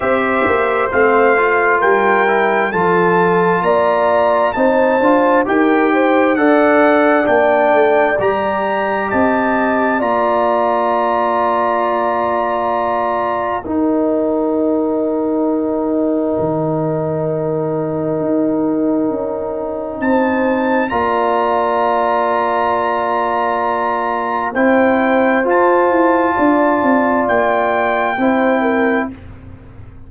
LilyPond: <<
  \new Staff \with { instrumentName = "trumpet" } { \time 4/4 \tempo 4 = 66 e''4 f''4 g''4 a''4 | ais''4 a''4 g''4 fis''4 | g''4 ais''4 a''4 ais''4~ | ais''2. g''4~ |
g''1~ | g''2 a''4 ais''4~ | ais''2. g''4 | a''2 g''2 | }
  \new Staff \with { instrumentName = "horn" } { \time 4/4 c''2 ais'4 a'4 | d''4 c''4 ais'8 c''8 d''4~ | d''2 dis''4 d''4~ | d''2. ais'4~ |
ais'1~ | ais'2 c''4 d''4~ | d''2. c''4~ | c''4 d''2 c''8 ais'8 | }
  \new Staff \with { instrumentName = "trombone" } { \time 4/4 g'4 c'8 f'4 e'8 f'4~ | f'4 dis'8 f'8 g'4 a'4 | d'4 g'2 f'4~ | f'2. dis'4~ |
dis'1~ | dis'2. f'4~ | f'2. e'4 | f'2. e'4 | }
  \new Staff \with { instrumentName = "tuba" } { \time 4/4 c'8 ais8 a4 g4 f4 | ais4 c'8 d'8 dis'4 d'4 | ais8 a8 g4 c'4 ais4~ | ais2. dis'4~ |
dis'2 dis2 | dis'4 cis'4 c'4 ais4~ | ais2. c'4 | f'8 e'8 d'8 c'8 ais4 c'4 | }
>>